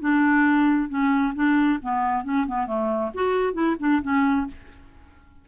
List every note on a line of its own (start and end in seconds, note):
0.00 0.89 D4
0.89 1.33 C#4
1.35 1.79 D4
1.82 2.24 B3
2.24 2.46 C#4
2.47 2.66 B3
2.66 3.11 A3
3.14 3.53 F#4
3.53 3.76 E4
3.79 4.01 D4
4.02 4.47 C#4